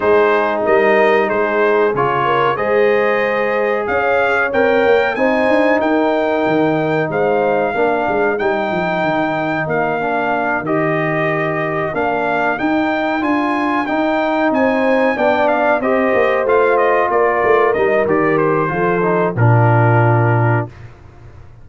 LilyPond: <<
  \new Staff \with { instrumentName = "trumpet" } { \time 4/4 \tempo 4 = 93 c''4 dis''4 c''4 cis''4 | dis''2 f''4 g''4 | gis''4 g''2 f''4~ | f''4 g''2 f''4~ |
f''8 dis''2 f''4 g''8~ | g''8 gis''4 g''4 gis''4 g''8 | f''8 dis''4 f''8 dis''8 d''4 dis''8 | d''8 c''4. ais'2 | }
  \new Staff \with { instrumentName = "horn" } { \time 4/4 gis'4 ais'4 gis'4. ais'8 | c''2 cis''2 | c''4 ais'2 c''4 | ais'1~ |
ais'1~ | ais'2~ ais'8 c''4 d''8~ | d''8 c''2 ais'4.~ | ais'4 a'4 f'2 | }
  \new Staff \with { instrumentName = "trombone" } { \time 4/4 dis'2. f'4 | gis'2. ais'4 | dis'1 | d'4 dis'2~ dis'8 d'8~ |
d'8 g'2 d'4 dis'8~ | dis'8 f'4 dis'2 d'8~ | d'8 g'4 f'2 dis'8 | g'4 f'8 dis'8 d'2 | }
  \new Staff \with { instrumentName = "tuba" } { \time 4/4 gis4 g4 gis4 cis4 | gis2 cis'4 c'8 ais8 | c'8 d'8 dis'4 dis4 gis4 | ais8 gis8 g8 f8 dis4 ais4~ |
ais8 dis2 ais4 dis'8~ | dis'8 d'4 dis'4 c'4 b8~ | b8 c'8 ais8 a4 ais8 a8 g8 | dis4 f4 ais,2 | }
>>